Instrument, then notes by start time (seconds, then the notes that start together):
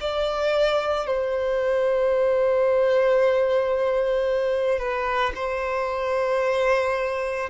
violin
0.00 D5
1.07 C5
4.79 B4
5.35 C5